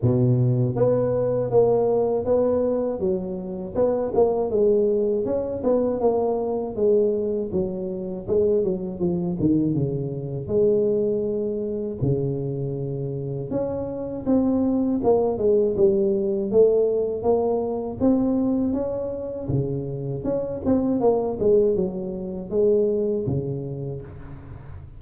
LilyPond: \new Staff \with { instrumentName = "tuba" } { \time 4/4 \tempo 4 = 80 b,4 b4 ais4 b4 | fis4 b8 ais8 gis4 cis'8 b8 | ais4 gis4 fis4 gis8 fis8 | f8 dis8 cis4 gis2 |
cis2 cis'4 c'4 | ais8 gis8 g4 a4 ais4 | c'4 cis'4 cis4 cis'8 c'8 | ais8 gis8 fis4 gis4 cis4 | }